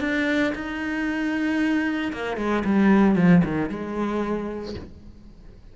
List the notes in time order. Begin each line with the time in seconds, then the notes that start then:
0.00 D4
0.55 D#4
2.13 A#3
2.37 G#3
2.65 G3
3.15 F3
3.44 D#3
3.69 G#3